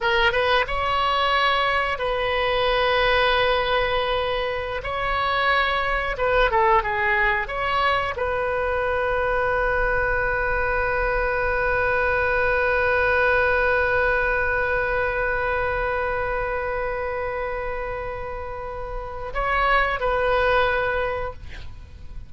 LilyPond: \new Staff \with { instrumentName = "oboe" } { \time 4/4 \tempo 4 = 90 ais'8 b'8 cis''2 b'4~ | b'2.~ b'16 cis''8.~ | cis''4~ cis''16 b'8 a'8 gis'4 cis''8.~ | cis''16 b'2.~ b'8.~ |
b'1~ | b'1~ | b'1~ | b'4 cis''4 b'2 | }